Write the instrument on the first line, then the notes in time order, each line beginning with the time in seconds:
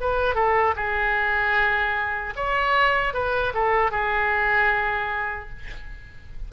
oboe
0.00 B4
0.34 A4
0.76 G#4
2.36 C#5
3.13 B4
3.53 A4
3.91 G#4